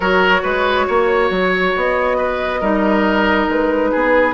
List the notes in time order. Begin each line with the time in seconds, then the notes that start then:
0.00 F#3 F#4 A#4 C#5
0.42 G#3 B4
0.87 A#3 C#5
1.30 F#3
1.76 B3 D#5
2.17 B4
2.60 G3 D#4 A#4
3.48 G#3 B4
3.91 B3 G#4